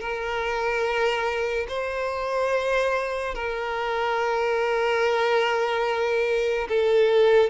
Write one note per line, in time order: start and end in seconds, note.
0.00 1.67 A#4
1.68 3.35 C5
3.35 6.68 A#4
6.69 7.50 A4